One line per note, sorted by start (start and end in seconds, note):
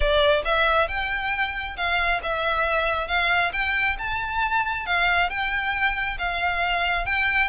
0.00 0.43 D5
0.44 0.88 E5
0.88 1.76 G5
1.76 2.21 F5
2.23 3.07 E5
3.07 3.51 F5
3.52 3.96 G5
3.98 4.86 A5
4.86 5.29 F5
5.29 6.17 G5
6.18 7.05 F5
7.05 7.49 G5